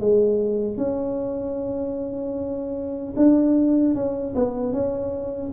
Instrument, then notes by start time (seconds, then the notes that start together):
tuba
0.00 G#3
0.77 C#4
3.17 D4
3.95 C#4
4.35 B3
4.73 C#4